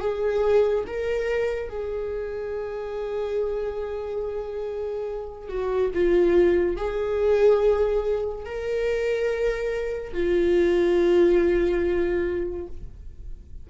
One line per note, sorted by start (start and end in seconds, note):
0.00 0.85 G#4
0.87 1.69 A#4
1.69 5.49 G#4
5.49 5.91 F#4
5.94 6.77 F4
6.77 8.45 G#4
8.45 10.13 A#4
10.13 12.67 F4